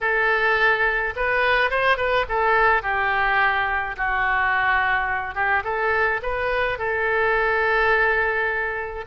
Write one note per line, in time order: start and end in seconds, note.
0.01 1.14 A4
1.16 1.70 B4
1.70 1.97 C5
1.97 2.25 B4
2.28 2.82 A4
2.82 3.95 G4
3.96 5.35 F#4
5.35 5.63 G4
5.64 6.20 A4
6.22 6.78 B4
6.78 9.05 A4